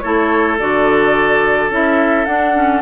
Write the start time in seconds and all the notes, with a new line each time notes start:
0.00 A3 E4 A4 C#5
0.59 D3 F#4 D5
1.70 C#4 E4 E5
2.26 D4 F#5
2.55 C#4